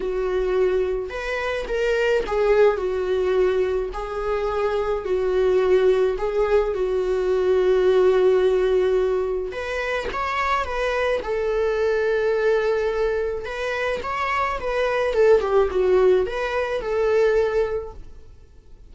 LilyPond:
\new Staff \with { instrumentName = "viola" } { \time 4/4 \tempo 4 = 107 fis'2 b'4 ais'4 | gis'4 fis'2 gis'4~ | gis'4 fis'2 gis'4 | fis'1~ |
fis'4 b'4 cis''4 b'4 | a'1 | b'4 cis''4 b'4 a'8 g'8 | fis'4 b'4 a'2 | }